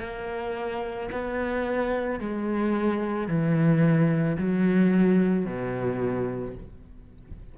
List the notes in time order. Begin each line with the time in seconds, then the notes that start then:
0.00 A#3
1.12 B3
2.20 G#3
3.28 E3
4.37 F#3
5.45 B2